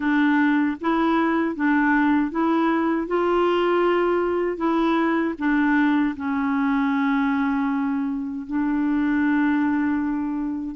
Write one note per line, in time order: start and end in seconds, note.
0.00 0.76 D4
0.80 1.55 E4
1.55 2.31 D4
2.31 3.07 E4
3.07 4.57 F4
4.57 5.34 E4
5.38 6.15 D4
6.16 8.46 C#4
8.46 10.75 D4